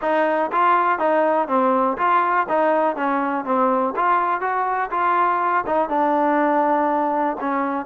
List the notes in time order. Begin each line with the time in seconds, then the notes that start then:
0.01 D#4
0.52 F4
0.99 D#4
1.48 C4
1.97 F4
2.49 D#4
2.96 C#4
3.44 C4
3.96 F4
4.40 F#4
4.90 F4
5.66 D#4
5.89 D4
7.40 C#4